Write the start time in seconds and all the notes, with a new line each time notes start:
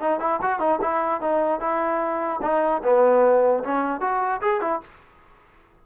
0.00 D#4
0.19 E4
0.41 F#4
0.59 D#4
0.81 E4
1.21 D#4
1.60 E4
2.42 D#4
2.83 B3
3.63 C#4
4.00 F#4
4.41 G#4
4.61 E4